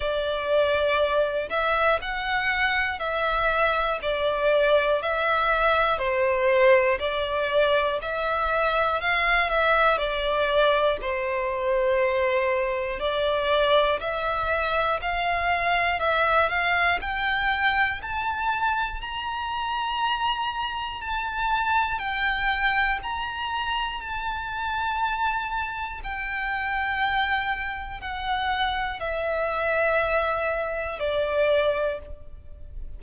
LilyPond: \new Staff \with { instrumentName = "violin" } { \time 4/4 \tempo 4 = 60 d''4. e''8 fis''4 e''4 | d''4 e''4 c''4 d''4 | e''4 f''8 e''8 d''4 c''4~ | c''4 d''4 e''4 f''4 |
e''8 f''8 g''4 a''4 ais''4~ | ais''4 a''4 g''4 ais''4 | a''2 g''2 | fis''4 e''2 d''4 | }